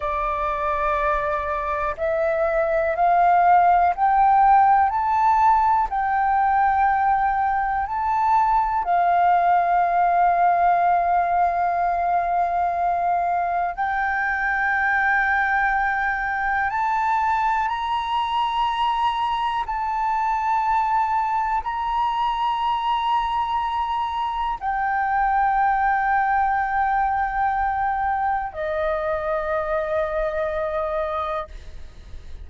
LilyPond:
\new Staff \with { instrumentName = "flute" } { \time 4/4 \tempo 4 = 61 d''2 e''4 f''4 | g''4 a''4 g''2 | a''4 f''2.~ | f''2 g''2~ |
g''4 a''4 ais''2 | a''2 ais''2~ | ais''4 g''2.~ | g''4 dis''2. | }